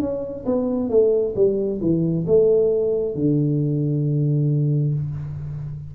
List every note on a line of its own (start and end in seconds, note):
0.00 0.45 C#4
0.46 0.90 B3
0.90 1.34 A3
1.36 1.80 G3
1.81 2.26 E3
2.27 3.15 A3
3.15 4.94 D3